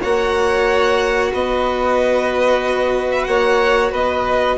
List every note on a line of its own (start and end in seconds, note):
0.00 1.33 A#3
0.00 4.57 F#4
0.00 1.30 C#5
0.00 1.32 F#5
1.32 3.27 B3
1.32 3.27 B4
1.32 3.11 D#5
3.11 3.23 E5
3.23 3.91 A#3
3.23 3.91 C#5
3.23 3.89 F#5
3.91 4.57 B3
3.91 4.57 B4
3.91 4.57 D#5